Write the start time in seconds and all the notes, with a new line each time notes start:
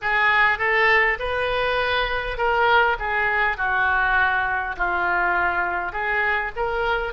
0.01 G#4
0.58 A4
1.19 B4
2.37 A#4
2.99 G#4
3.57 F#4
4.77 F4
5.92 G#4
6.55 A#4